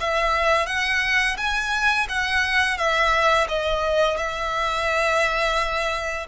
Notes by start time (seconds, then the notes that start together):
0.00 E5
0.66 F#5
1.37 G#5
2.09 F#5
2.77 E5
3.49 D#5
4.17 E5